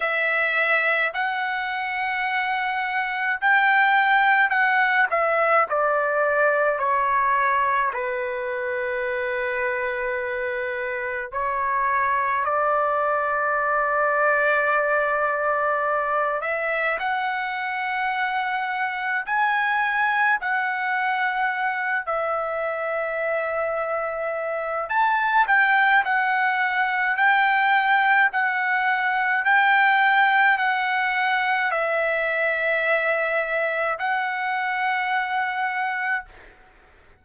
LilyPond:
\new Staff \with { instrumentName = "trumpet" } { \time 4/4 \tempo 4 = 53 e''4 fis''2 g''4 | fis''8 e''8 d''4 cis''4 b'4~ | b'2 cis''4 d''4~ | d''2~ d''8 e''8 fis''4~ |
fis''4 gis''4 fis''4. e''8~ | e''2 a''8 g''8 fis''4 | g''4 fis''4 g''4 fis''4 | e''2 fis''2 | }